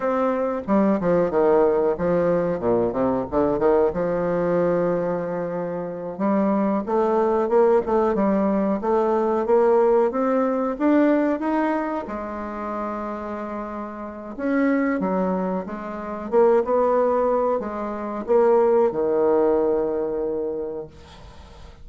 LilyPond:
\new Staff \with { instrumentName = "bassoon" } { \time 4/4 \tempo 4 = 92 c'4 g8 f8 dis4 f4 | ais,8 c8 d8 dis8 f2~ | f4. g4 a4 ais8 | a8 g4 a4 ais4 c'8~ |
c'8 d'4 dis'4 gis4.~ | gis2 cis'4 fis4 | gis4 ais8 b4. gis4 | ais4 dis2. | }